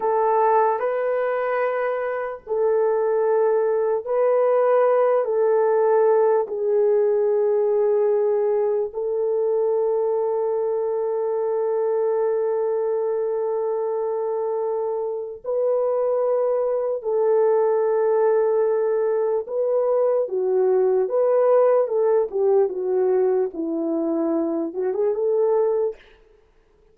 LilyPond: \new Staff \with { instrumentName = "horn" } { \time 4/4 \tempo 4 = 74 a'4 b'2 a'4~ | a'4 b'4. a'4. | gis'2. a'4~ | a'1~ |
a'2. b'4~ | b'4 a'2. | b'4 fis'4 b'4 a'8 g'8 | fis'4 e'4. fis'16 gis'16 a'4 | }